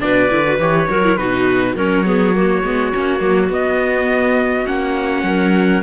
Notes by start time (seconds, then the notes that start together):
0.00 B2 D4 B4 D5
0.30 D3 E4
0.47 F#4
0.59 E3 G4 C#5
0.90 F#3 F#4 A#4
1.04 E4
1.17 B2 D#4 F#4 B4
1.75 F#3 C#4 A#4 C#5
2.05 B3 G#4
2.35 A#3 F#4
2.64 G#3 B3
2.94 A#3 C#4
3.20 F#3 A#3
3.49 B3 D#5
4.66 A#3 C#4 F#5
5.23 F#3 A#4